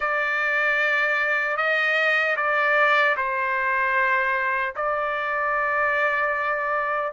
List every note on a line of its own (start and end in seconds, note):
0.00 1.56 D5
1.56 2.35 D#5
2.36 3.15 D5
3.16 4.74 C5
4.75 7.12 D5